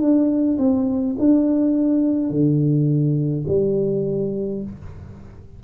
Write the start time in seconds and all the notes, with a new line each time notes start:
0.00 D4
0.58 C4
1.19 D4
2.30 D3
3.47 G3